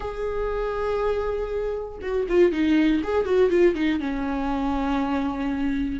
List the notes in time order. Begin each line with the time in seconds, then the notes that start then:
0.00 G#4
2.01 F#4
2.28 F4
2.52 D#4
3.03 G#4
3.25 F#4
3.50 F4
3.75 D#4
4.00 C#4